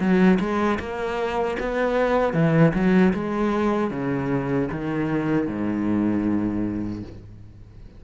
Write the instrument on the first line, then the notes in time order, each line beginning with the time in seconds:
cello
0.00 F#3
0.40 G#3
0.79 A#3
1.60 B3
2.34 E3
2.74 F#3
3.13 G#3
3.91 C#3
4.71 D#3
5.47 G#2